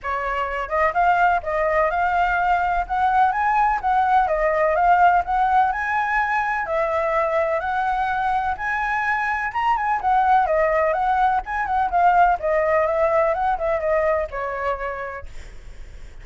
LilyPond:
\new Staff \with { instrumentName = "flute" } { \time 4/4 \tempo 4 = 126 cis''4. dis''8 f''4 dis''4 | f''2 fis''4 gis''4 | fis''4 dis''4 f''4 fis''4 | gis''2 e''2 |
fis''2 gis''2 | ais''8 gis''8 fis''4 dis''4 fis''4 | gis''8 fis''8 f''4 dis''4 e''4 | fis''8 e''8 dis''4 cis''2 | }